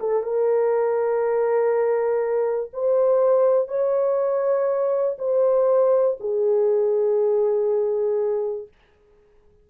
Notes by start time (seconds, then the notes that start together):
0.00 A4
0.23 A#4
2.74 C5
3.68 C#5
5.19 C5
6.20 G#4